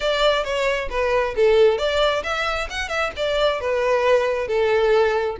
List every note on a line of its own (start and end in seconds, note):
0.00 0.44 D5
0.44 0.89 C#5
0.90 1.34 B4
1.36 1.78 A4
1.78 2.22 D5
2.23 2.68 E5
2.69 2.88 F#5
2.88 3.11 E5
3.16 3.60 D5
3.60 4.47 B4
4.47 5.36 A4